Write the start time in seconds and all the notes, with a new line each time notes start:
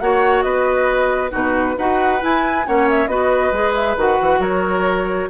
0.00 A#3 F#4 C#5 F#5
0.42 B3 B4 D#5
1.30 B2 D#4 F#4 B4
1.78 D#4 F#4 B4 F#5
2.20 E4 G#5
2.66 A#3 C#4 C#5 F#5
2.89 E5
3.07 B3 F#4 B4 D#5
3.52 G#3 G#4
3.74 E5
3.96 D#3 F#4 F#5
4.21 E3
4.39 F#3 A#4 C#5